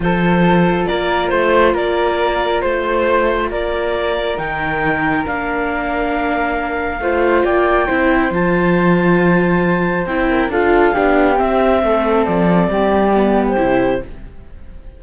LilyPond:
<<
  \new Staff \with { instrumentName = "clarinet" } { \time 4/4 \tempo 4 = 137 c''2 d''4 c''4 | d''2 c''2 | d''2 g''2 | f''1~ |
f''4 g''2 a''4~ | a''2. g''4 | f''2 e''2 | d''2~ d''8. c''4~ c''16 | }
  \new Staff \with { instrumentName = "flute" } { \time 4/4 a'2 ais'4 c''4 | ais'2 c''2 | ais'1~ | ais'1 |
c''4 d''4 c''2~ | c''2.~ c''8 ais'8 | a'4 g'2 a'4~ | a'4 g'2. | }
  \new Staff \with { instrumentName = "viola" } { \time 4/4 f'1~ | f'1~ | f'2 dis'2 | d'1 |
f'2 e'4 f'4~ | f'2. e'4 | f'4 d'4 c'2~ | c'2 b4 e'4 | }
  \new Staff \with { instrumentName = "cello" } { \time 4/4 f2 ais4 a4 | ais2 a2 | ais2 dis2 | ais1 |
a4 ais4 c'4 f4~ | f2. c'4 | d'4 b4 c'4 a4 | f4 g2 c4 | }
>>